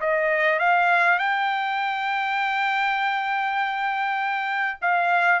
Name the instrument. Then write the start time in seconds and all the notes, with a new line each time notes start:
trumpet
0.00 D#5
0.59 F5
1.18 G5
4.81 F5